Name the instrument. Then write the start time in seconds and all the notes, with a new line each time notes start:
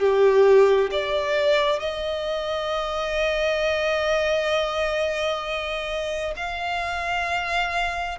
violin
0.00 G4
0.92 D5
1.80 D#5
6.37 F5